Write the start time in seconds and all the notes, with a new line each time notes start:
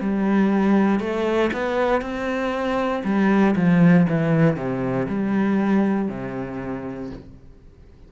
0.00 G3
0.99 A3
1.53 B3
2.01 C4
3.04 G3
3.55 F3
4.09 E3
4.56 C3
5.08 G3
6.08 C3